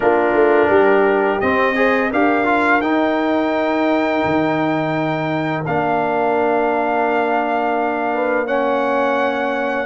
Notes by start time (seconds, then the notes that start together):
0.00 A#3 D4 F4 A#4
0.33 A3
0.68 G3 G4
1.40 C4 D#5
1.75 G#4 C5
2.10 D4 G4 A#4 F5
2.44 F4
2.81 D#4 G5
4.25 D#3
5.66 A#3 D4 F5
8.14 B4
8.46 C#4 C#5 F#5